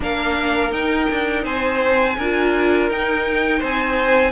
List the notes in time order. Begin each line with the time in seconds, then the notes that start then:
0.00 A#3 D4 A#4 F5
0.71 D#4 G5
1.11 D4
1.44 C4 C5 G#5
2.18 D4 F4 A#4
2.89 D#4 G5
3.59 C4 C5 G#5